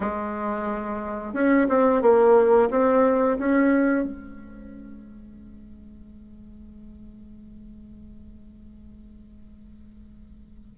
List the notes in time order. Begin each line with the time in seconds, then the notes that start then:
0.00 G#3
1.33 C#4
1.69 C4
2.01 A#3
2.70 C4
3.38 C#4
4.04 G#3